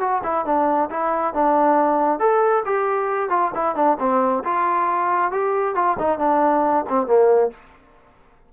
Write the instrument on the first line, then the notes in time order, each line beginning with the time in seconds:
trombone
0.00 F#4
0.24 E4
0.46 D4
0.91 E4
1.34 D4
2.20 A4
2.66 G4
3.30 F4
3.55 E4
3.76 D4
4.00 C4
4.45 F4
5.32 G4
5.75 F4
5.99 D#4
6.19 D4
6.89 C4
7.07 A#3